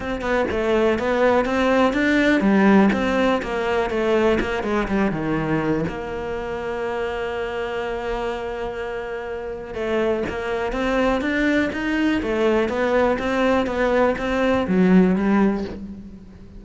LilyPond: \new Staff \with { instrumentName = "cello" } { \time 4/4 \tempo 4 = 123 c'8 b8 a4 b4 c'4 | d'4 g4 c'4 ais4 | a4 ais8 gis8 g8 dis4. | ais1~ |
ais1 | a4 ais4 c'4 d'4 | dis'4 a4 b4 c'4 | b4 c'4 fis4 g4 | }